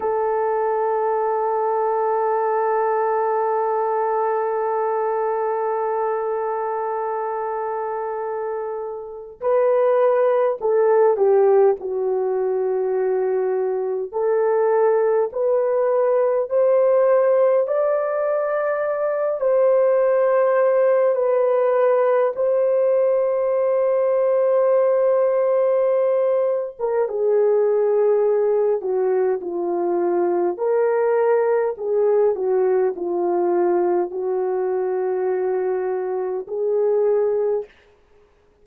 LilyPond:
\new Staff \with { instrumentName = "horn" } { \time 4/4 \tempo 4 = 51 a'1~ | a'1 | b'4 a'8 g'8 fis'2 | a'4 b'4 c''4 d''4~ |
d''8 c''4. b'4 c''4~ | c''2~ c''8. ais'16 gis'4~ | gis'8 fis'8 f'4 ais'4 gis'8 fis'8 | f'4 fis'2 gis'4 | }